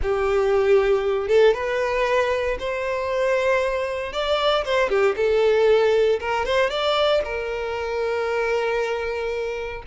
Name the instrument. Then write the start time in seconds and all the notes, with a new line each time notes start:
violin
0.02 G4
1.28 A4
1.54 B4
2.59 C5
4.12 D5
4.64 C5
4.89 G4
5.16 A4
6.20 A#4
6.45 C5
6.70 D5
7.24 A#4